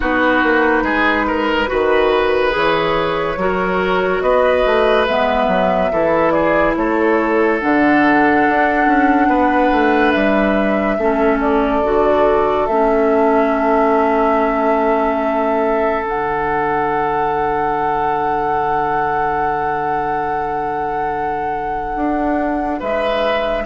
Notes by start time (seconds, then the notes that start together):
0.00 B3 D#4 F#4 B4
0.43 A#3
0.82 G#3 G#4
1.27 A#4
1.67 D#3 F#4 B4
2.50 E3 G#4 C#5
3.36 F#3 F#4 A#4
4.21 B3 B4 D#5
4.65 A3
5.06 G#3 B3 E5
5.47 F#3
5.91 E3 E4 A4
6.31 G#4 D5
6.75 A3 A4 C#5
7.59 D3 D4 F#5
8.49 D4
8.86 C#4
9.27 B3 B4
9.72 A3
10.11 G3 E5
10.98 A3 C#4 A4
11.40 D5
11.84 D3 F#4
12.66 A3 C#4 E5
16.05 D3 D4 F#5
21.96 D4
22.79 G#3 B4 E5